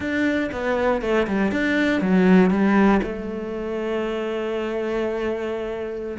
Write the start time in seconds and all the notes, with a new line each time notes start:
0.00 D4
0.52 B3
1.01 A3
1.27 G3
1.51 D4
2.01 F#3
2.50 G3
3.03 A3